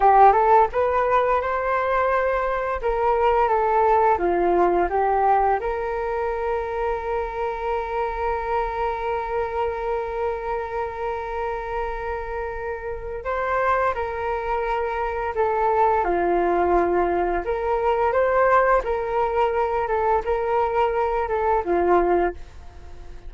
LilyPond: \new Staff \with { instrumentName = "flute" } { \time 4/4 \tempo 4 = 86 g'8 a'8 b'4 c''2 | ais'4 a'4 f'4 g'4 | ais'1~ | ais'1~ |
ais'2. c''4 | ais'2 a'4 f'4~ | f'4 ais'4 c''4 ais'4~ | ais'8 a'8 ais'4. a'8 f'4 | }